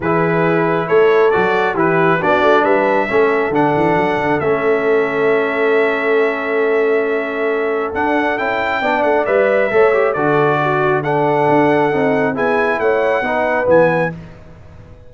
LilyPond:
<<
  \new Staff \with { instrumentName = "trumpet" } { \time 4/4 \tempo 4 = 136 b'2 cis''4 d''4 | b'4 d''4 e''2 | fis''2 e''2~ | e''1~ |
e''2 fis''4 g''4~ | g''8 fis''8 e''2 d''4~ | d''4 fis''2. | gis''4 fis''2 gis''4 | }
  \new Staff \with { instrumentName = "horn" } { \time 4/4 gis'2 a'2 | g'4 fis'4 b'4 a'4~ | a'1~ | a'1~ |
a'1 | d''2 cis''4 a'4 | fis'4 a'2. | gis'4 cis''4 b'2 | }
  \new Staff \with { instrumentName = "trombone" } { \time 4/4 e'2. fis'4 | e'4 d'2 cis'4 | d'2 cis'2~ | cis'1~ |
cis'2 d'4 e'4 | d'4 b'4 a'8 g'8 fis'4~ | fis'4 d'2 dis'4 | e'2 dis'4 b4 | }
  \new Staff \with { instrumentName = "tuba" } { \time 4/4 e2 a4 fis4 | e4 b8 a8 g4 a4 | d8 e8 fis8 d8 a2~ | a1~ |
a2 d'4 cis'4 | b8 a8 g4 a4 d4~ | d2 d'4 c'4 | b4 a4 b4 e4 | }
>>